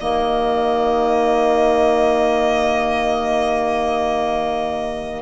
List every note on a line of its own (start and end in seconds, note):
0.00 5.22 D#3
0.00 5.22 A#3
0.00 5.22 G4
0.00 5.22 D#5